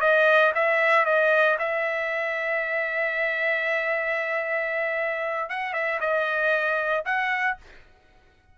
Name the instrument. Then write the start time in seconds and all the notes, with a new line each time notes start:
trumpet
0.00 D#5
0.55 E5
1.05 D#5
1.59 E5
5.49 F#5
5.73 E5
6.00 D#5
7.05 F#5